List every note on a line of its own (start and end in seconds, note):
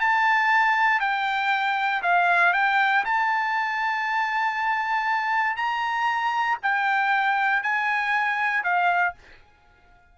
0.00 1.00 A5
1.00 2.02 G5
2.02 2.53 F5
2.53 3.04 G5
3.04 5.56 A5
5.56 6.58 A#5
6.62 7.62 G5
7.62 8.63 G#5
8.63 9.14 F5